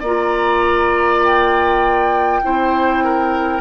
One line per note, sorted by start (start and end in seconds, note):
0.00 2.42 A#3
0.00 2.43 F4
0.00 2.40 D5
0.00 1.24 A#5
1.24 3.60 G5
2.43 3.60 C4
2.43 3.60 E4
2.43 3.04 C5
3.04 3.60 A#4